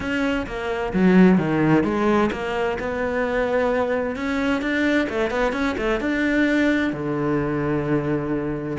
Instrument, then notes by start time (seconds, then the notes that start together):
cello
0.00 C#4
0.46 A#3
0.93 F#3
1.38 D#3
1.83 G#3
2.32 A#3
2.79 B3
4.16 C#4
4.61 D4
5.09 A3
5.30 B3
5.52 C#4
5.77 A3
6.00 D4
6.93 D3